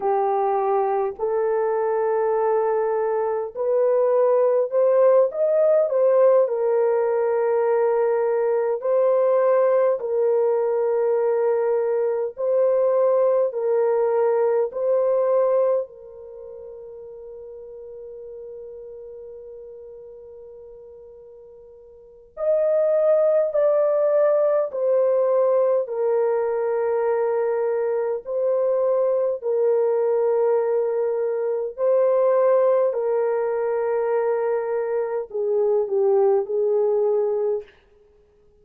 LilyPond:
\new Staff \with { instrumentName = "horn" } { \time 4/4 \tempo 4 = 51 g'4 a'2 b'4 | c''8 dis''8 c''8 ais'2 c''8~ | c''8 ais'2 c''4 ais'8~ | ais'8 c''4 ais'2~ ais'8~ |
ais'2. dis''4 | d''4 c''4 ais'2 | c''4 ais'2 c''4 | ais'2 gis'8 g'8 gis'4 | }